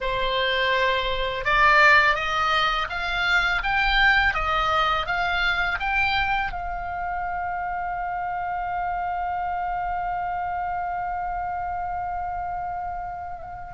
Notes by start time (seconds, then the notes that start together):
0.00 C5
1.45 D5
2.15 D#5
2.89 F5
3.63 G5
4.34 D#5
5.06 F5
5.79 G5
6.52 F5